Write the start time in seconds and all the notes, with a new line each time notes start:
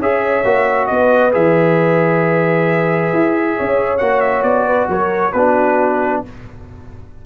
0.00 C#4 G#4 C#5 E5
0.45 A#3 F#4
0.87 B3 B4 D#5
1.32 E3 G#4 E5
3.13 E4
3.57 C#4 C#5
3.98 A#3 F#4 F#5
4.21 E5
4.43 B3 D5
4.67 B4
4.89 F#3 A#4 C#5
5.33 B3 D4 F#4 B4